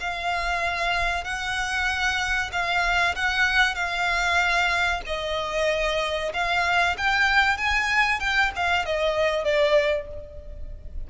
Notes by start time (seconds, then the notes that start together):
0.00 F5
1.24 F#5
2.52 F5
3.15 F#5
3.75 F5
5.06 D#5
6.33 F5
6.97 G5
7.57 G#5
8.20 G5
8.56 F5
8.85 D#5
9.44 D5